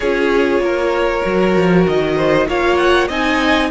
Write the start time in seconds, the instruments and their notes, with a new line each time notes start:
0.00 cello C#4, viola F4, violin G#4 C#5
0.59 cello A#3, violin A#4
1.24 cello F#3, viola F#4
1.56 cello F3
1.87 cello D#3, violin D#5
2.16 violin C5
2.47 cello A#3, viola F4, violin C#5 F5
2.76 violin F#5
3.08 cello C4, viola D#4, violin D#5 G#5